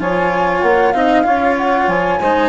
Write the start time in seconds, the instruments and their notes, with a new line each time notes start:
0.00 bassoon F3, cello F4, saxophone C#5, flute G#5
0.62 bassoon A#3, flute F#5
0.92 bassoon C4, cello D#4, saxophone D#5, flute F5
1.24 bassoon C#4, cello F4, saxophone C#5
1.58 flute F#5
1.87 bassoon F3, flute G#5
2.20 bassoon G#3, cello D#4, saxophone C5